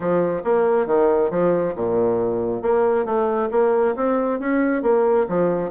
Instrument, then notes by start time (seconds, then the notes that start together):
bassoon
0.00 F3
0.44 A#3
0.86 D#3
1.30 F3
1.76 A#2
2.62 A#3
3.05 A3
3.51 A#3
3.95 C4
4.39 C#4
4.82 A#3
5.28 F3